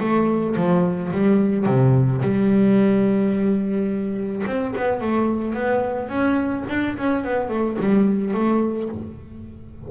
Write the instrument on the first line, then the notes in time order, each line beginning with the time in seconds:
double bass
0.00 A3
0.56 F3
1.12 G3
1.66 C3
2.22 G3
4.47 C4
4.77 B3
5.01 A3
5.54 B3
6.09 C#4
6.69 D4
6.98 C#4
7.24 B3
7.49 A3
7.79 G3
8.34 A3